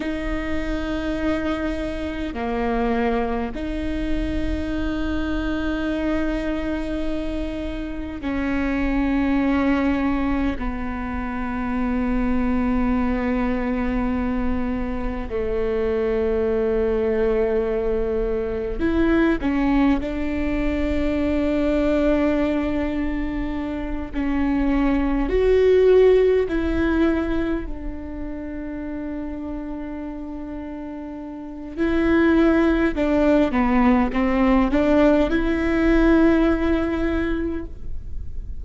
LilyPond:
\new Staff \with { instrumentName = "viola" } { \time 4/4 \tempo 4 = 51 dis'2 ais4 dis'4~ | dis'2. cis'4~ | cis'4 b2.~ | b4 a2. |
e'8 cis'8 d'2.~ | d'8 cis'4 fis'4 e'4 d'8~ | d'2. e'4 | d'8 b8 c'8 d'8 e'2 | }